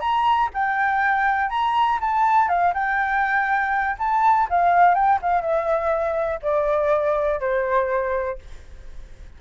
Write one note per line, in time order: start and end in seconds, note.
0.00 0.49 A#5
0.54 1.50 G5
1.50 1.99 A#5
2.01 2.49 A5
2.49 2.73 F5
2.74 3.97 G5
3.98 4.48 A5
4.49 4.94 F5
4.94 5.19 G5
5.22 5.41 F5
5.41 6.40 E5
6.42 7.40 D5
7.40 8.39 C5